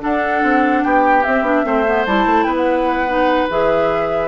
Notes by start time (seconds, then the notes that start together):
0.00 D4 A4 F#5
0.43 C4
0.84 B3 G4 G5
1.23 C4 E5
1.41 B3 D4
1.64 A3 C4 C5
1.86 B3
2.06 G3 E4 A5
2.26 A3
2.43 B3 B4 G5
2.56 F#5
3.07 D#4
3.50 E3 G#4 E5